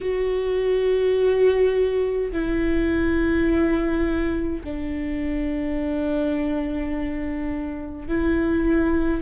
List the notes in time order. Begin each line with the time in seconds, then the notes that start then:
0.00 F#4
2.32 E4
4.64 D4
8.08 E4